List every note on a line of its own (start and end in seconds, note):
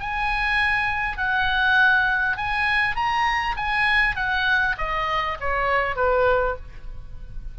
0.00 1.18 G#5
1.18 2.37 F#5
2.37 2.96 G#5
2.96 3.56 A#5
3.57 4.16 G#5
4.16 4.76 F#5
4.78 5.38 D#5
5.41 5.96 C#5
5.96 6.56 B4